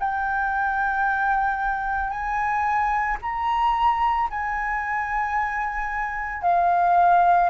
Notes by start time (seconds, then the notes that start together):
0.00 G5
2.11 G#5
3.22 A#5
4.31 G#5
6.42 F5